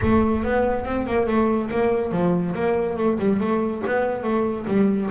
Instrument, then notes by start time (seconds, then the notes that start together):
double bass
0.02 A3
0.43 B3
0.85 C4
1.06 A#3
1.27 A3
1.70 A#3
2.11 F3
2.54 A#3
2.96 A3
3.19 G3
3.40 A3
3.86 B3
4.23 A3
4.67 G3